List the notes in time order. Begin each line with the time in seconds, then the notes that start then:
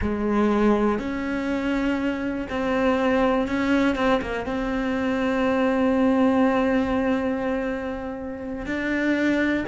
0.01 G#3
0.98 C#4
2.49 C4
3.47 C#4
3.95 C4
4.21 A#3
4.45 C4
8.66 D4